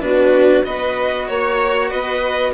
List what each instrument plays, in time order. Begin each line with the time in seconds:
0.00 bassoon B2, cello D4, viola F#4, violin B4
0.64 bassoon B3, cello F#4, viola B4, violin D#5
1.28 bassoon A#3, violin C#5, viola C#5
1.90 bassoon B3, viola B4, violin D#5